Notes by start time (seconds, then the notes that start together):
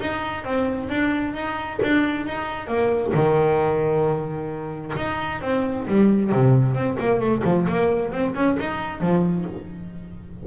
0.00 D#4
0.44 C4
0.89 D4
1.34 D#4
1.83 D4
2.26 D#4
2.68 A#3
3.14 D#3
4.97 D#4
5.41 C4
5.87 G3
6.32 C3
6.74 C4
6.99 A#3
7.20 A3
7.44 F3
7.68 A#3
8.12 C4
8.35 C#4
8.59 D#4
9.00 F3